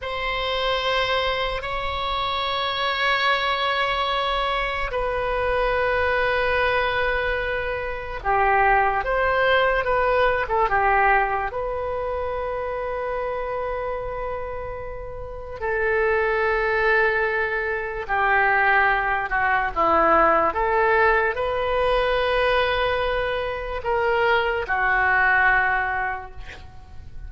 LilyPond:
\new Staff \with { instrumentName = "oboe" } { \time 4/4 \tempo 4 = 73 c''2 cis''2~ | cis''2 b'2~ | b'2 g'4 c''4 | b'8. a'16 g'4 b'2~ |
b'2. a'4~ | a'2 g'4. fis'8 | e'4 a'4 b'2~ | b'4 ais'4 fis'2 | }